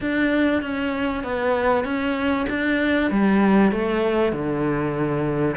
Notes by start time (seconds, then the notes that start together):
0.00 D4
0.62 C#4
1.23 B3
1.84 C#4
2.49 D4
3.10 G3
3.71 A3
4.32 D3